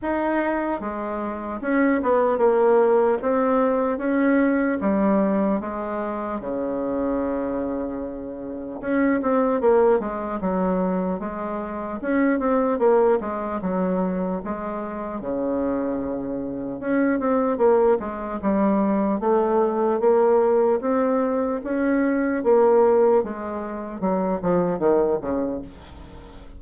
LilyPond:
\new Staff \with { instrumentName = "bassoon" } { \time 4/4 \tempo 4 = 75 dis'4 gis4 cis'8 b8 ais4 | c'4 cis'4 g4 gis4 | cis2. cis'8 c'8 | ais8 gis8 fis4 gis4 cis'8 c'8 |
ais8 gis8 fis4 gis4 cis4~ | cis4 cis'8 c'8 ais8 gis8 g4 | a4 ais4 c'4 cis'4 | ais4 gis4 fis8 f8 dis8 cis8 | }